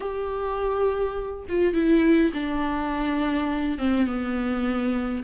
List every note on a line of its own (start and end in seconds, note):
0.00 1.46 G4
1.49 1.73 F4
1.73 2.31 E4
2.33 3.78 D4
3.78 4.06 C4
4.06 5.23 B3